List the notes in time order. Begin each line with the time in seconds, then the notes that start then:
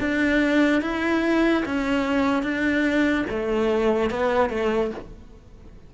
0.00 D4
0.82 E4
1.66 C#4
2.43 D4
3.30 A3
4.11 B3
4.50 A3